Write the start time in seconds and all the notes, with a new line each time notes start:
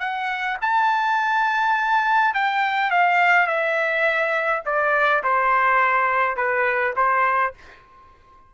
0.00 F#5
0.62 A5
2.35 G5
2.91 F5
3.47 E5
4.66 D5
5.24 C5
6.37 B4
6.97 C5